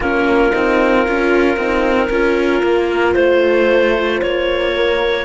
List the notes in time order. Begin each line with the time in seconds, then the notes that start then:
0.00 A#3 C#4 F4 A#4
0.52 C4 D#4
1.07 C#4 F4
1.56 C4 D#4
2.09 C#4 F4 A#4
2.62 A#3
3.14 A3 C5
4.21 A#3 C#5
4.75 A#4